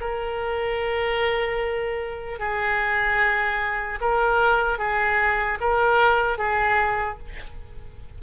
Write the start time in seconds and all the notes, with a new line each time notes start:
0.00 A#4
2.39 G#4
4.00 A#4
4.78 G#4
5.60 A#4
6.37 G#4